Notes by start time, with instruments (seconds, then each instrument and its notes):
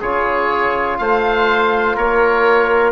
0.00 bassoon C#3, trombone F4, trumpet G#4, oboe C#5
0.98 bassoon A3, trumpet C5, oboe F5
1.96 bassoon A#3, trumpet A#4, oboe C#5